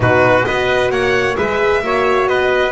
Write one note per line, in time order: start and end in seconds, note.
0.00 0.44 B2
0.00 0.44 D#4
0.00 0.46 F#4
0.00 0.45 B4
0.45 0.90 B3
0.45 1.35 F#4
0.45 0.91 B4
0.45 0.90 D#5
0.90 1.35 A#3
0.90 1.36 C#5
0.90 1.36 F#5
1.35 1.82 G#3
1.35 1.81 G#4
1.35 1.83 B4
1.35 2.27 E5
1.82 2.27 A#3
1.82 2.71 F#4
1.82 2.29 C#5
2.27 2.71 B3
2.27 2.71 B4
2.27 2.71 D#5